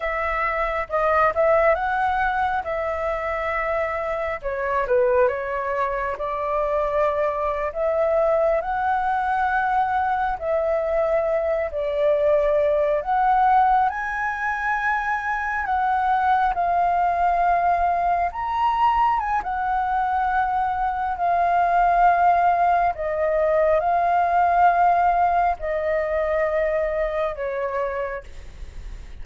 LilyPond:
\new Staff \with { instrumentName = "flute" } { \time 4/4 \tempo 4 = 68 e''4 dis''8 e''8 fis''4 e''4~ | e''4 cis''8 b'8 cis''4 d''4~ | d''8. e''4 fis''2 e''16~ | e''4~ e''16 d''4. fis''4 gis''16~ |
gis''4.~ gis''16 fis''4 f''4~ f''16~ | f''8. ais''4 gis''16 fis''2 | f''2 dis''4 f''4~ | f''4 dis''2 cis''4 | }